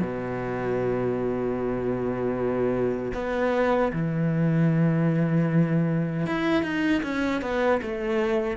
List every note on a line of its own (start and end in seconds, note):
0.00 3.12 B2
3.14 3.92 B3
3.93 6.26 E3
6.26 6.63 E4
6.63 7.02 D#4
7.03 7.42 C#4
7.42 7.81 B3
7.82 8.57 A3